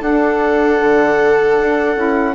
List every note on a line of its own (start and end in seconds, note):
0.00 0.78 D4
0.00 1.95 D4
0.00 2.34 A4
0.00 2.35 F#5
0.79 1.57 D3
1.60 1.96 D4
1.95 2.35 C#4
1.95 2.34 E4